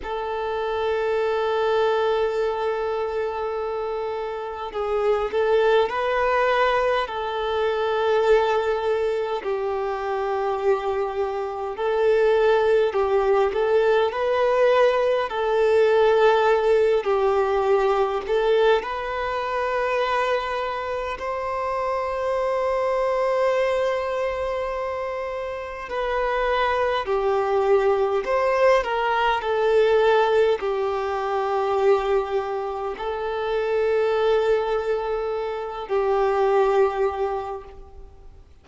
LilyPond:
\new Staff \with { instrumentName = "violin" } { \time 4/4 \tempo 4 = 51 a'1 | gis'8 a'8 b'4 a'2 | g'2 a'4 g'8 a'8 | b'4 a'4. g'4 a'8 |
b'2 c''2~ | c''2 b'4 g'4 | c''8 ais'8 a'4 g'2 | a'2~ a'8 g'4. | }